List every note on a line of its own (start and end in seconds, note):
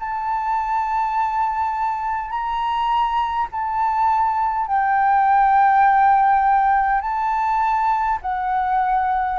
0.00 2.30 A5
2.30 3.48 A#5
3.52 4.67 A5
4.67 7.01 G5
7.01 8.19 A5
8.21 9.39 F#5